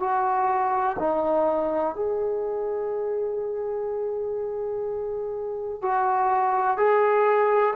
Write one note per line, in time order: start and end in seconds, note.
0.00 0.97 F#4
0.99 1.96 D#4
1.96 5.82 G#4
5.82 6.78 F#4
6.78 7.75 G#4